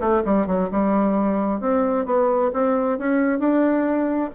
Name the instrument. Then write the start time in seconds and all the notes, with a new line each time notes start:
bassoon
0.00 A3
0.25 G3
0.46 F#3
0.71 G3
1.61 C4
2.06 B3
2.53 C4
2.99 C#4
3.39 D4